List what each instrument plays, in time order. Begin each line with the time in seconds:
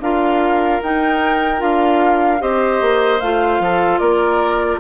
0.00 bassoon D4, clarinet F4, oboe A#4, flute F5
0.82 bassoon D#4, clarinet D#4, flute G5
1.58 bassoon D4, clarinet F4, flute F5
2.39 bassoon C4, clarinet G4, oboe C5, flute D#5
2.81 bassoon A#3
3.20 bassoon A3, clarinet F4, flute F5
3.60 bassoon F3, oboe A4
3.98 bassoon A#3, oboe A#4, flute D5